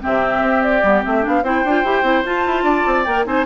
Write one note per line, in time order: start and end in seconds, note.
0.00 0.41 C3
0.00 0.81 C4
0.00 1.43 G4
0.00 0.62 E5
0.41 0.81 C4
0.62 1.03 D5
0.83 1.03 G3
0.83 1.02 B3
1.02 1.26 A3
1.02 1.22 C4
1.02 1.25 E5
1.22 1.42 B3
1.22 1.42 D4
1.22 1.44 F5
1.42 1.63 C4
1.42 1.64 E4
1.42 2.64 C5
1.42 2.25 G5
1.65 1.84 D4
1.65 1.85 F4
1.84 2.02 E4
1.84 2.03 G4
2.02 2.23 C4
2.02 2.23 E4
2.24 2.44 F4
2.24 3.06 F4
2.24 3.04 A5
2.46 2.63 E4
2.63 2.83 D4
2.63 3.25 D5
2.86 3.06 C4
3.04 3.26 A#3
3.04 3.25 A#4
3.04 3.24 G5
3.25 3.46 C4
3.25 3.45 D#4
3.25 3.46 C5
3.25 3.46 G#5